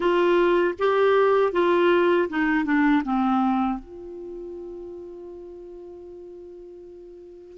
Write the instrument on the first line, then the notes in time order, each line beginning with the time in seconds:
clarinet
0.00 F4
0.78 G4
1.52 F4
2.29 D#4
2.64 D4
3.04 C4
3.79 F4